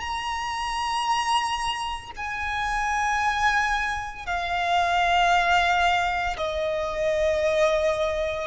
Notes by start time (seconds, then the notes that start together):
0.00 A#5
2.16 G#5
4.26 F5
6.37 D#5